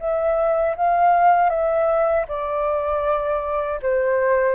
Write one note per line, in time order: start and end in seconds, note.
0.00 0.76 E5
0.77 1.50 F5
1.50 2.26 E5
2.29 3.80 D5
3.83 4.56 C5